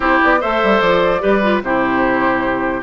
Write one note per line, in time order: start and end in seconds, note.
0.00 0.18 C4
0.00 0.40 E4
0.00 0.39 G4
0.00 0.22 C5
0.23 0.43 B3
0.23 0.41 D5
0.40 0.63 A3
0.40 1.19 A4
0.40 1.21 C5
0.40 0.80 E5
0.63 0.80 G3
0.80 1.21 F3
0.80 1.61 D5
1.19 1.62 G3
1.19 1.40 G4
1.19 1.62 B4
1.42 1.62 F4
1.62 2.82 C3
1.62 2.82 E4
1.62 2.82 G4
1.62 2.82 C5